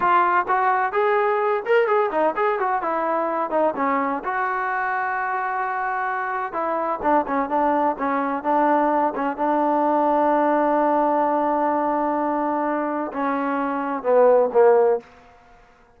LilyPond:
\new Staff \with { instrumentName = "trombone" } { \time 4/4 \tempo 4 = 128 f'4 fis'4 gis'4. ais'8 | gis'8 dis'8 gis'8 fis'8 e'4. dis'8 | cis'4 fis'2.~ | fis'2 e'4 d'8 cis'8 |
d'4 cis'4 d'4. cis'8 | d'1~ | d'1 | cis'2 b4 ais4 | }